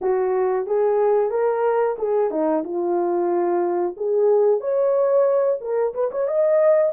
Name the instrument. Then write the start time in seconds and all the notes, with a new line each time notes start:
horn
0.01 F#4
0.66 G#4
1.30 A#4
1.98 G#4
2.30 D#4
2.64 F4
3.97 G#4
4.60 C#5
5.60 A#4
5.94 B4
6.11 C#5
6.27 D#5